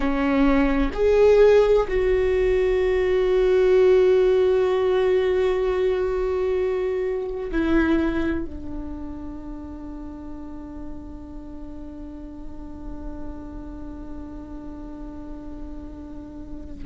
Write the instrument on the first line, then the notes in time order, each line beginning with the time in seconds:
viola
0.00 C#4
0.93 G#4
1.87 F#4
7.51 E4
8.45 D4